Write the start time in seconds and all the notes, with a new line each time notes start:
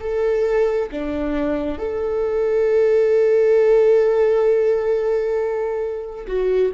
0.00 A4
0.91 D4
1.78 A4
6.26 F#4